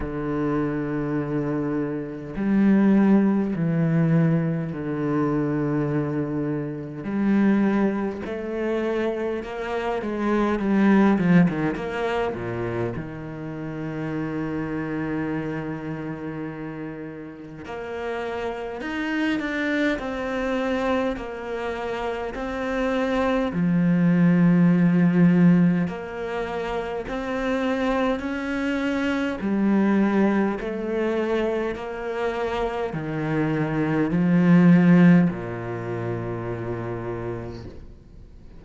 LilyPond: \new Staff \with { instrumentName = "cello" } { \time 4/4 \tempo 4 = 51 d2 g4 e4 | d2 g4 a4 | ais8 gis8 g8 f16 dis16 ais8 ais,8 dis4~ | dis2. ais4 |
dis'8 d'8 c'4 ais4 c'4 | f2 ais4 c'4 | cis'4 g4 a4 ais4 | dis4 f4 ais,2 | }